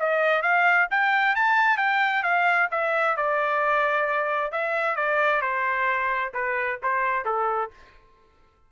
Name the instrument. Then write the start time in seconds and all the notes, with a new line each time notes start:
trumpet
0.00 D#5
0.43 F5
0.91 G5
1.36 A5
1.78 G5
2.24 F5
2.72 E5
3.17 D5
4.52 E5
4.96 D5
5.42 C5
6.34 B4
6.83 C5
7.26 A4